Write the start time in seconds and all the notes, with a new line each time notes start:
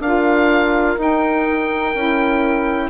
0.00 D4 F4 A#4 F5
0.98 D#4 G5
1.95 C#4 E4